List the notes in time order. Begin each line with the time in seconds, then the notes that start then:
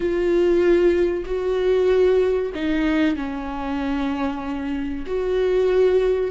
0.00 F4
1.25 F#4
2.54 D#4
3.16 C#4
5.06 F#4